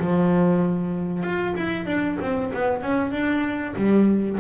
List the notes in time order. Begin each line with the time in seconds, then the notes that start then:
0.00 F3
1.23 F4
1.57 E4
1.86 D4
2.21 C4
2.54 B3
2.82 C#4
3.12 D4
3.76 G3